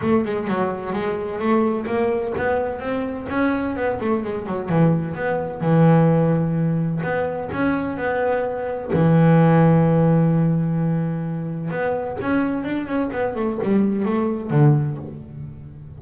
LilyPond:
\new Staff \with { instrumentName = "double bass" } { \time 4/4 \tempo 4 = 128 a8 gis8 fis4 gis4 a4 | ais4 b4 c'4 cis'4 | b8 a8 gis8 fis8 e4 b4 | e2. b4 |
cis'4 b2 e4~ | e1~ | e4 b4 cis'4 d'8 cis'8 | b8 a8 g4 a4 d4 | }